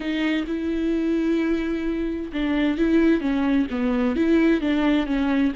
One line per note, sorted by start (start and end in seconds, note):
0.00 0.45 D#4
0.47 2.31 E4
2.32 2.77 D4
2.77 3.20 E4
3.20 3.67 C#4
3.70 4.16 B3
4.16 4.60 E4
4.60 5.06 D4
5.06 5.52 C#4